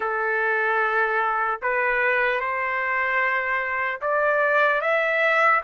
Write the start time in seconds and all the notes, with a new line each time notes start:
0.00 A4
1.61 B4
2.40 C5
4.01 D5
4.81 E5